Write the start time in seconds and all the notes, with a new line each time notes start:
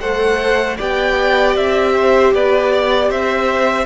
0.00 A3 A4 C5 F#5
0.77 B3 G4 D5 G5
1.56 C4 E5
1.96 C5
2.33 B3 B4 D5
2.72 D5
3.09 C4 C5 E5